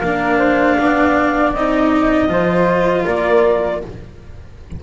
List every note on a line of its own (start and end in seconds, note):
0.00 0.77 A#3
0.00 1.55 D4
0.00 0.38 A#4
0.00 1.52 F5
0.38 0.76 C5
0.77 1.54 B3
0.77 2.29 D5
1.53 2.29 C4
1.53 2.29 D#4
1.53 3.05 D#5
2.29 3.05 F3
2.29 3.81 F4
2.29 3.04 C5
3.04 3.83 A#3
3.04 3.80 A#4
3.04 3.82 D5